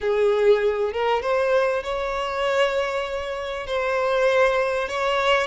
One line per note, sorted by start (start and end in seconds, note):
0.00 0.92 G#4
0.92 1.21 A#4
1.21 1.83 C5
1.83 3.66 C#5
3.66 4.88 C5
4.88 5.47 C#5